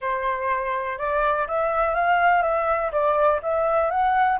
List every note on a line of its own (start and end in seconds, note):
0.01 0.98 C5
0.98 1.47 D5
1.47 1.94 E5
1.94 2.42 F5
2.42 2.91 E5
2.92 3.40 D5
3.42 3.90 E5
3.90 4.39 F#5